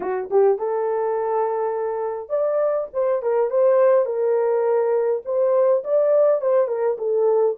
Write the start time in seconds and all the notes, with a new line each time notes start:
0.00 F#4
0.30 G4
0.58 A4
2.29 D5
2.93 C5
3.22 A#4
3.50 C5
4.05 A#4
5.25 C5
5.84 D5
6.41 C5
6.67 A#4
6.97 A4